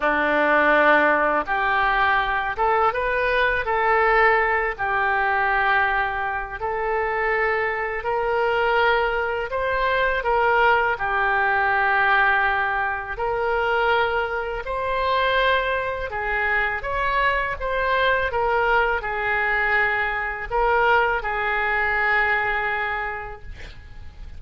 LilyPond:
\new Staff \with { instrumentName = "oboe" } { \time 4/4 \tempo 4 = 82 d'2 g'4. a'8 | b'4 a'4. g'4.~ | g'4 a'2 ais'4~ | ais'4 c''4 ais'4 g'4~ |
g'2 ais'2 | c''2 gis'4 cis''4 | c''4 ais'4 gis'2 | ais'4 gis'2. | }